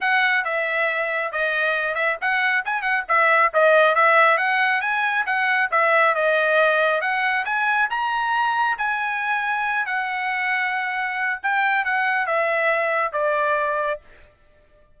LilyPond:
\new Staff \with { instrumentName = "trumpet" } { \time 4/4 \tempo 4 = 137 fis''4 e''2 dis''4~ | dis''8 e''8 fis''4 gis''8 fis''8 e''4 | dis''4 e''4 fis''4 gis''4 | fis''4 e''4 dis''2 |
fis''4 gis''4 ais''2 | gis''2~ gis''8 fis''4.~ | fis''2 g''4 fis''4 | e''2 d''2 | }